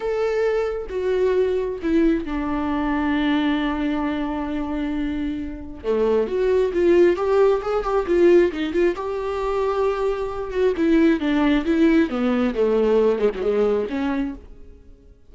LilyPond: \new Staff \with { instrumentName = "viola" } { \time 4/4 \tempo 4 = 134 a'2 fis'2 | e'4 d'2.~ | d'1~ | d'4 a4 fis'4 f'4 |
g'4 gis'8 g'8 f'4 dis'8 f'8 | g'2.~ g'8 fis'8 | e'4 d'4 e'4 b4 | a4. gis16 fis16 gis4 cis'4 | }